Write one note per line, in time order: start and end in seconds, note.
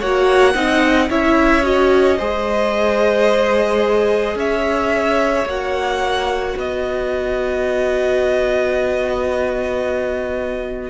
0.00 0.55 A#3
0.00 0.55 F#4
0.00 0.55 C#5
0.00 1.10 F#5
0.55 1.09 C4
0.55 1.09 D#4
0.55 1.09 D#5
1.10 2.19 C#4
1.10 1.63 E4
1.10 2.18 C#5
1.10 1.65 E5
1.63 2.17 F#4
1.63 4.38 D#5
2.18 4.35 G#3
2.18 5.46 G#4
2.18 4.36 C5
4.35 5.45 C#4
4.35 6.57 C#5
4.35 5.48 E5
5.45 6.55 A#3
5.45 10.90 F#4
5.45 6.58 F#5
6.57 10.90 B3
6.57 10.90 B4
6.57 10.90 D#5